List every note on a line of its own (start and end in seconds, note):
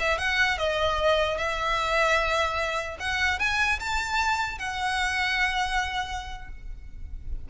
0.00 0.19 E5
0.19 0.59 F#5
0.59 1.38 D#5
1.38 2.98 E5
3.00 3.40 F#5
3.40 3.80 G#5
3.80 4.59 A5
4.59 6.49 F#5